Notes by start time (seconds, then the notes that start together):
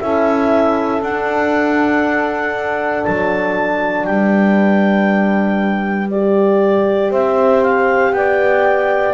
0.00 C#4 E4 A4 E5
1.02 D4 F#5
3.05 F#3 A5
4.05 G3 B4 G5
6.11 G4 D5
7.10 C4 C5 E5
7.63 F5
8.13 B3 D5 G5